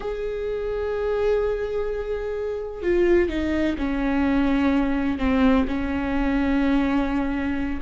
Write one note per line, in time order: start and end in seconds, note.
0.00 2.82 G#4
2.82 3.29 F4
3.29 3.76 D#4
3.78 5.18 C#4
5.18 5.65 C4
5.67 7.80 C#4